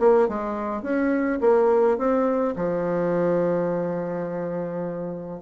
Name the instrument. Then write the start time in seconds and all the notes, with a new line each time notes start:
bassoon
0.00 A#3
0.29 G#3
0.83 C#4
1.41 A#3
1.98 C4
2.56 F3